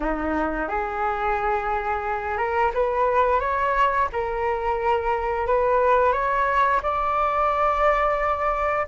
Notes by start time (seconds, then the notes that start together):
0.00 D#4
0.68 G#4
2.37 A#4
2.74 B4
3.40 C#5
4.12 A#4
5.46 B4
6.12 C#5
6.82 D5